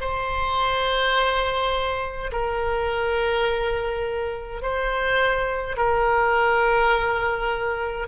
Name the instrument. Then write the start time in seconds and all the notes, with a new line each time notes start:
oboe
0.00 C5
2.32 A#4
4.62 C5
5.76 A#4